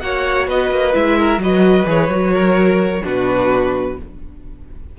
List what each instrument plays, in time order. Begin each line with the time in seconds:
0.00 cello A#3, viola F#4, violin C#5 F#5
0.48 cello B3, violin B4 D#5
0.71 cello A#3
0.93 cello G#3, viola E4, violin E5
1.18 violin A#4
1.38 cello F#3, viola F#4, violin B4 D#5
1.86 cello E3, viola G#4, violin C#5
2.09 cello F#3, viola F#4
2.33 violin A#4
3.03 cello B2, viola D4, violin F#4 B4